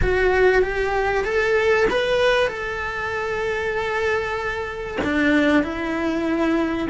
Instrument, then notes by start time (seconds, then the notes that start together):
cello
0.01 F#4
0.62 G4
1.24 A4
1.90 B4
2.47 A4
5.04 D4
5.62 E4